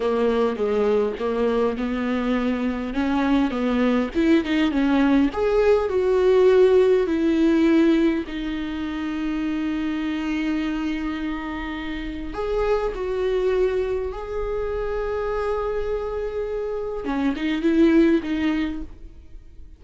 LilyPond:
\new Staff \with { instrumentName = "viola" } { \time 4/4 \tempo 4 = 102 ais4 gis4 ais4 b4~ | b4 cis'4 b4 e'8 dis'8 | cis'4 gis'4 fis'2 | e'2 dis'2~ |
dis'1~ | dis'4 gis'4 fis'2 | gis'1~ | gis'4 cis'8 dis'8 e'4 dis'4 | }